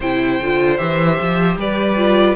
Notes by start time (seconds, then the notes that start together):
0.00 C3 E4 C5 G5
0.40 D3 F4
0.77 E3 G4 E5
1.20 F3
1.56 G3 B4 D5
1.96 F4